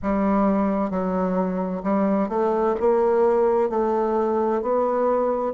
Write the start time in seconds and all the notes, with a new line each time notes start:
0.02 G3
0.90 F#3
1.83 G3
2.28 A3
2.79 A#3
3.69 A3
4.62 B3